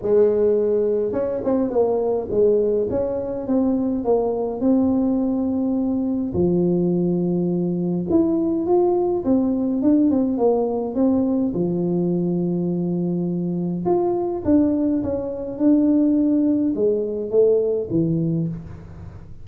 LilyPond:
\new Staff \with { instrumentName = "tuba" } { \time 4/4 \tempo 4 = 104 gis2 cis'8 c'8 ais4 | gis4 cis'4 c'4 ais4 | c'2. f4~ | f2 e'4 f'4 |
c'4 d'8 c'8 ais4 c'4 | f1 | f'4 d'4 cis'4 d'4~ | d'4 gis4 a4 e4 | }